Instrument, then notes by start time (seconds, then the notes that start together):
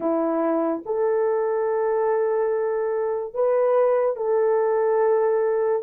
horn
0.00 E4
0.85 A4
3.33 B4
4.16 A4